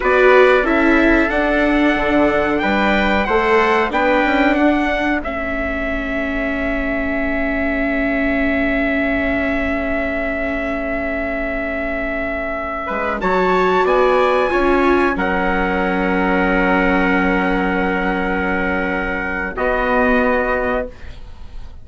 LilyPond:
<<
  \new Staff \with { instrumentName = "trumpet" } { \time 4/4 \tempo 4 = 92 d''4 e''4 fis''2 | g''4 fis''4 g''4 fis''4 | e''1~ | e''1~ |
e''1~ | e''16 a''4 gis''2 fis''8.~ | fis''1~ | fis''2 dis''2 | }
  \new Staff \with { instrumentName = "trumpet" } { \time 4/4 b'4 a'2. | b'4 c''4 b'4 a'4~ | a'1~ | a'1~ |
a'2.~ a'8. b'16~ | b'16 cis''4 d''4 cis''4 ais'8.~ | ais'1~ | ais'2 fis'2 | }
  \new Staff \with { instrumentName = "viola" } { \time 4/4 fis'4 e'4 d'2~ | d'4 a'4 d'2 | cis'1~ | cis'1~ |
cis'1~ | cis'16 fis'2 f'4 cis'8.~ | cis'1~ | cis'2 b2 | }
  \new Staff \with { instrumentName = "bassoon" } { \time 4/4 b4 cis'4 d'4 d4 | g4 a4 b8 cis'8 d'4 | a1~ | a1~ |
a2.~ a8. gis16~ | gis16 fis4 b4 cis'4 fis8.~ | fis1~ | fis2 b2 | }
>>